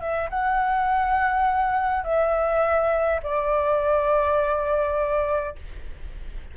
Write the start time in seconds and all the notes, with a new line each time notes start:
0.00 E5
0.30 F#5
2.04 E5
3.23 D5